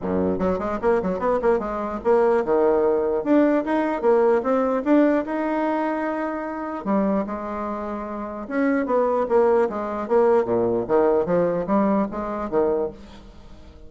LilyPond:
\new Staff \with { instrumentName = "bassoon" } { \time 4/4 \tempo 4 = 149 fis,4 fis8 gis8 ais8 fis8 b8 ais8 | gis4 ais4 dis2 | d'4 dis'4 ais4 c'4 | d'4 dis'2.~ |
dis'4 g4 gis2~ | gis4 cis'4 b4 ais4 | gis4 ais4 ais,4 dis4 | f4 g4 gis4 dis4 | }